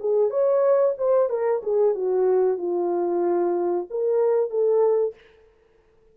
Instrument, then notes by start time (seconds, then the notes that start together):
horn
0.00 G#4
0.30 C#5
0.98 C5
1.29 A#4
1.63 G#4
1.95 F#4
2.58 F4
3.90 A#4
4.50 A4